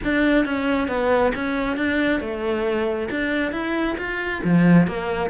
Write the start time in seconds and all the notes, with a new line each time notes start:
0.03 D4
0.45 C#4
0.88 B3
1.35 C#4
1.76 D4
2.20 A3
3.10 D4
3.52 E4
3.97 F4
4.44 F3
4.87 A#3